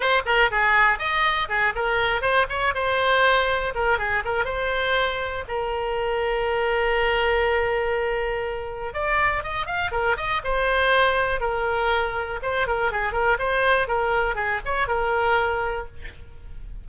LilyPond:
\new Staff \with { instrumentName = "oboe" } { \time 4/4 \tempo 4 = 121 c''8 ais'8 gis'4 dis''4 gis'8 ais'8~ | ais'8 c''8 cis''8 c''2 ais'8 | gis'8 ais'8 c''2 ais'4~ | ais'1~ |
ais'2 d''4 dis''8 f''8 | ais'8 dis''8 c''2 ais'4~ | ais'4 c''8 ais'8 gis'8 ais'8 c''4 | ais'4 gis'8 cis''8 ais'2 | }